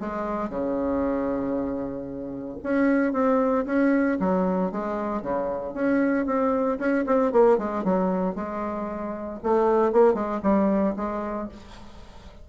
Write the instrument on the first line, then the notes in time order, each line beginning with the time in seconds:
bassoon
0.00 G#3
0.50 C#3
2.63 C#4
3.13 C4
3.66 C#4
4.20 F#3
4.72 G#3
5.22 C#3
5.74 C#4
6.26 C4
6.79 C#4
7.06 C4
7.32 A#3
7.58 G#3
7.84 F#3
8.35 G#3
9.43 A3
9.92 A#3
10.14 G#3
10.43 G3
10.97 G#3